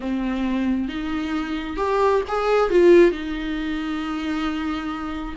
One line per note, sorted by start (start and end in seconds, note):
0.00 0.88 C4
0.88 1.76 D#4
1.76 2.21 G4
2.28 2.70 G#4
2.70 3.11 F4
3.11 5.35 D#4